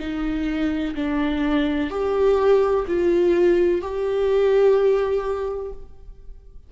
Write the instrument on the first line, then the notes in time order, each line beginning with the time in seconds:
viola
0.00 D#4
0.95 D4
1.90 G4
2.88 F4
3.82 G4